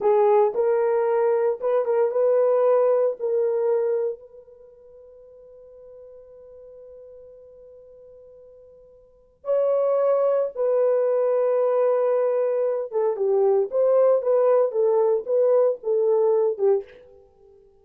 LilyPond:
\new Staff \with { instrumentName = "horn" } { \time 4/4 \tempo 4 = 114 gis'4 ais'2 b'8 ais'8 | b'2 ais'2 | b'1~ | b'1~ |
b'2 cis''2 | b'1~ | b'8 a'8 g'4 c''4 b'4 | a'4 b'4 a'4. g'8 | }